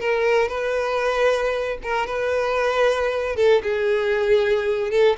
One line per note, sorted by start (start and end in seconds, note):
0.00 0.48 A#4
0.48 1.78 B4
1.83 2.06 A#4
2.06 3.36 B4
3.36 3.62 A4
3.63 4.91 G#4
4.91 5.17 A4